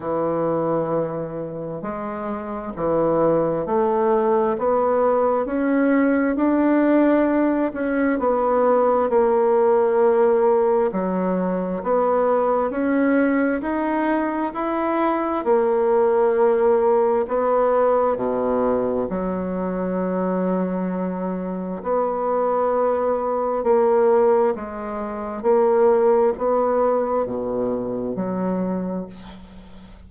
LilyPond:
\new Staff \with { instrumentName = "bassoon" } { \time 4/4 \tempo 4 = 66 e2 gis4 e4 | a4 b4 cis'4 d'4~ | d'8 cis'8 b4 ais2 | fis4 b4 cis'4 dis'4 |
e'4 ais2 b4 | b,4 fis2. | b2 ais4 gis4 | ais4 b4 b,4 fis4 | }